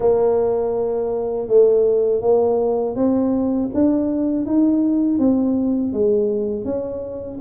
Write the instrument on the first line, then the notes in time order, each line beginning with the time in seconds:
tuba
0.00 A#3
1.47 A3
2.21 A#3
2.95 C4
3.74 D4
4.45 D#4
5.19 C4
5.93 G#3
6.65 C#4